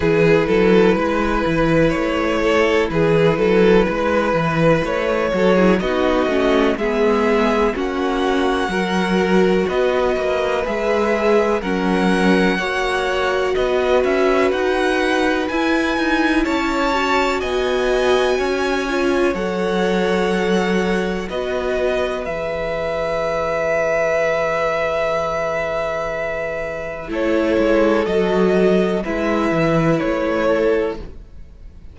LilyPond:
<<
  \new Staff \with { instrumentName = "violin" } { \time 4/4 \tempo 4 = 62 b'2 cis''4 b'4~ | b'4 cis''4 dis''4 e''4 | fis''2 dis''4 e''4 | fis''2 dis''8 e''8 fis''4 |
gis''4 a''4 gis''2 | fis''2 dis''4 e''4~ | e''1 | cis''4 dis''4 e''4 cis''4 | }
  \new Staff \with { instrumentName = "violin" } { \time 4/4 gis'8 a'8 b'4. a'8 gis'8 a'8 | b'4. a'16 gis'16 fis'4 gis'4 | fis'4 ais'4 b'2 | ais'4 cis''4 b'2~ |
b'4 cis''4 dis''4 cis''4~ | cis''2 b'2~ | b'1 | a'2 b'4. a'8 | }
  \new Staff \with { instrumentName = "viola" } { \time 4/4 e'1~ | e'4. fis'16 e'16 dis'8 cis'8 b4 | cis'4 fis'2 gis'4 | cis'4 fis'2. |
e'4. fis'2 f'8 | a'2 fis'4 gis'4~ | gis'1 | e'4 fis'4 e'2 | }
  \new Staff \with { instrumentName = "cello" } { \time 4/4 e8 fis8 gis8 e8 a4 e8 fis8 | gis8 e8 a8 fis8 b8 a8 gis4 | ais4 fis4 b8 ais8 gis4 | fis4 ais4 b8 cis'8 dis'4 |
e'8 dis'8 cis'4 b4 cis'4 | fis2 b4 e4~ | e1 | a8 gis8 fis4 gis8 e8 a4 | }
>>